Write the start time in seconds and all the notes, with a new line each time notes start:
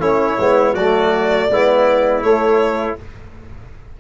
0.00 A3 C#4 E4 C#5
0.39 G#3 B3
0.74 F#3 A3 F#4 D5
1.50 G#3 B3 E4
2.23 A3 C#5